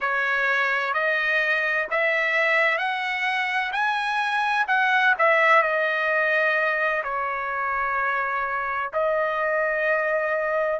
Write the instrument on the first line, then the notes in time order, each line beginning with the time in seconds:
trumpet
0.00 C#5
0.93 D#5
1.90 E5
2.77 F#5
3.72 G#5
4.67 F#5
5.18 E5
5.62 D#5
7.03 C#5
8.93 D#5